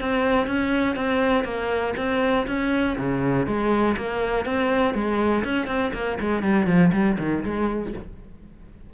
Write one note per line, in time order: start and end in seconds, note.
0.00 0.47 C4
0.47 0.96 C#4
0.96 1.44 C4
1.44 1.94 A#3
1.97 2.46 C4
2.47 2.96 C#4
2.98 3.46 C#3
3.46 3.96 G#3
3.97 4.45 A#3
4.45 4.94 C4
4.94 5.44 G#3
5.44 5.67 C#4
5.67 5.92 C4
5.93 6.18 A#3
6.20 6.43 G#3
6.43 6.66 G3
6.66 6.91 F3
6.93 7.17 G3
7.19 7.43 D#3
7.44 7.93 G#3